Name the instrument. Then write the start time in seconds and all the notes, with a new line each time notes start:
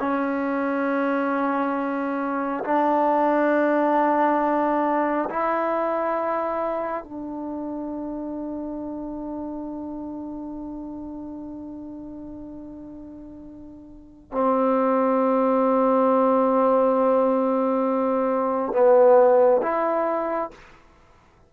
trombone
0.00 C#4
2.65 D4
5.30 E4
7.04 D4
14.33 C4
18.73 B3
19.63 E4